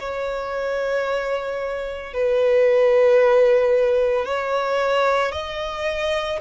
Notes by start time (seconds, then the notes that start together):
0.00 C#5
2.14 B4
4.26 C#5
5.32 D#5